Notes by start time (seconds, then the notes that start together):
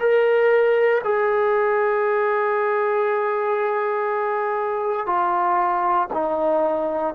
0.00 A#4
1.04 G#4
5.06 F4
6.12 D#4